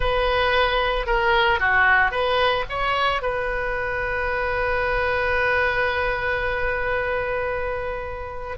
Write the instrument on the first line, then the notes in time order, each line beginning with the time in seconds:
oboe
0.00 B4
1.06 A#4
1.59 F#4
2.11 B4
2.69 C#5
3.21 B4